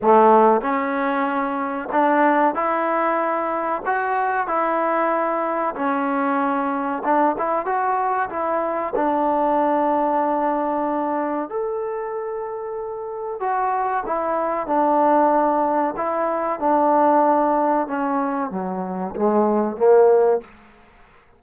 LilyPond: \new Staff \with { instrumentName = "trombone" } { \time 4/4 \tempo 4 = 94 a4 cis'2 d'4 | e'2 fis'4 e'4~ | e'4 cis'2 d'8 e'8 | fis'4 e'4 d'2~ |
d'2 a'2~ | a'4 fis'4 e'4 d'4~ | d'4 e'4 d'2 | cis'4 fis4 gis4 ais4 | }